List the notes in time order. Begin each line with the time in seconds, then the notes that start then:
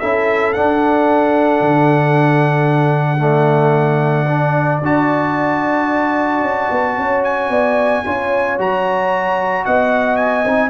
0.00 C#4 E4 A4 E5
0.53 D4 F#5
1.61 D3
3.19 A3 D5
4.29 D4
4.82 D4 F#4 A5
6.41 C#4
6.71 B3
6.98 C#4 C#5
7.24 G#5
7.50 B3 D5
8.05 C#4 F4 C#5
8.58 F#3 F#4 A#5
9.65 B3 D#5 F#5
10.17 G#5
10.45 C4 D#4